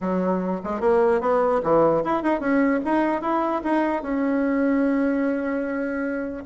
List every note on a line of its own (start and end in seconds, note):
0.01 0.61 F#3
0.63 0.80 G#3
0.80 1.20 A#3
1.20 1.61 B3
1.63 2.03 E3
2.04 2.22 E4
2.22 2.40 D#4
2.40 2.80 C#4
2.84 3.21 D#4
3.21 3.61 E4
3.63 4.02 D#4
4.02 6.43 C#4